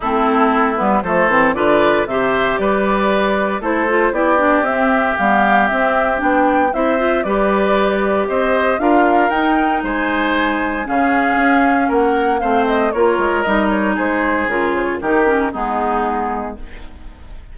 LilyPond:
<<
  \new Staff \with { instrumentName = "flute" } { \time 4/4 \tempo 4 = 116 a'4. b'8 c''4 d''4 | e''4 d''2 c''4 | d''4 e''4 f''4 e''4 | g''4 e''4 d''2 |
dis''4 f''4 g''4 gis''4~ | gis''4 f''2 fis''4 | f''8 dis''8 cis''4 dis''8 cis''8 c''4 | ais'8 c''16 cis''16 ais'4 gis'2 | }
  \new Staff \with { instrumentName = "oboe" } { \time 4/4 e'2 a'4 b'4 | c''4 b'2 a'4 | g'1~ | g'4 c''4 b'2 |
c''4 ais'2 c''4~ | c''4 gis'2 ais'4 | c''4 ais'2 gis'4~ | gis'4 g'4 dis'2 | }
  \new Staff \with { instrumentName = "clarinet" } { \time 4/4 c'4. b8 a8 c'8 f'4 | g'2. e'8 f'8 | e'8 d'8 c'4 b4 c'4 | d'4 e'8 f'8 g'2~ |
g'4 f'4 dis'2~ | dis'4 cis'2. | c'4 f'4 dis'2 | f'4 dis'8 cis'8 b2 | }
  \new Staff \with { instrumentName = "bassoon" } { \time 4/4 a4. g8 f8 e8 d4 | c4 g2 a4 | b4 c'4 g4 c'4 | b4 c'4 g2 |
c'4 d'4 dis'4 gis4~ | gis4 cis4 cis'4 ais4 | a4 ais8 gis8 g4 gis4 | cis4 dis4 gis2 | }
>>